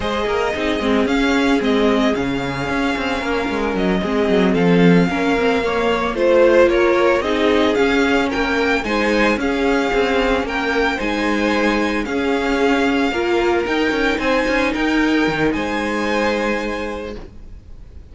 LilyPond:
<<
  \new Staff \with { instrumentName = "violin" } { \time 4/4 \tempo 4 = 112 dis''2 f''4 dis''4 | f''2. dis''4~ | dis''8 f''2. c''8~ | c''8 cis''4 dis''4 f''4 g''8~ |
g''8 gis''4 f''2 g''8~ | g''8 gis''2 f''4.~ | f''4. g''4 gis''4 g''8~ | g''4 gis''2. | }
  \new Staff \with { instrumentName = "violin" } { \time 4/4 c''8 ais'8 gis'2.~ | gis'2 ais'4. gis'8~ | gis'8 a'4 ais'4 cis''4 c''8~ | c''8 ais'4 gis'2 ais'8~ |
ais'8 c''4 gis'2 ais'8~ | ais'8 c''2 gis'4.~ | gis'8 ais'2 c''4 ais'8~ | ais'4 c''2. | }
  \new Staff \with { instrumentName = "viola" } { \time 4/4 gis'4 dis'8 c'8 cis'4 c'4 | cis'2.~ cis'8 c'8~ | c'4. cis'8 c'8 ais4 f'8~ | f'4. dis'4 cis'4.~ |
cis'8 dis'4 cis'2~ cis'8~ | cis'8 dis'2 cis'4.~ | cis'8 f'4 dis'2~ dis'8~ | dis'1 | }
  \new Staff \with { instrumentName = "cello" } { \time 4/4 gis8 ais8 c'8 gis8 cis'4 gis4 | cis4 cis'8 c'8 ais8 gis8 fis8 gis8 | fis8 f4 ais2 a8~ | a8 ais4 c'4 cis'4 ais8~ |
ais8 gis4 cis'4 c'4 ais8~ | ais8 gis2 cis'4.~ | cis'8 ais4 dis'8 cis'8 c'8 cis'8 dis'8~ | dis'8 dis8 gis2. | }
>>